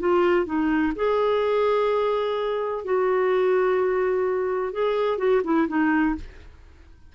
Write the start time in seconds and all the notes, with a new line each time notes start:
0.00 F4
0.46 D#4
0.96 G#4
2.85 F#4
4.73 G#4
5.18 F#4
5.44 E4
5.68 D#4